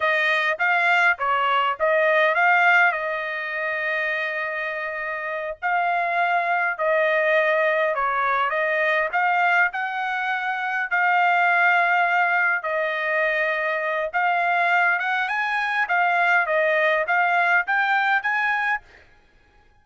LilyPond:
\new Staff \with { instrumentName = "trumpet" } { \time 4/4 \tempo 4 = 102 dis''4 f''4 cis''4 dis''4 | f''4 dis''2.~ | dis''4. f''2 dis''8~ | dis''4. cis''4 dis''4 f''8~ |
f''8 fis''2 f''4.~ | f''4. dis''2~ dis''8 | f''4. fis''8 gis''4 f''4 | dis''4 f''4 g''4 gis''4 | }